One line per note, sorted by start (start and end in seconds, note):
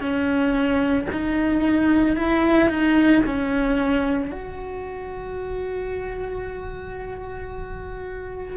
0.00 1.07 C#4
1.12 2.16 D#4
2.16 2.69 E4
2.69 3.22 D#4
3.26 4.31 C#4
4.31 8.57 F#4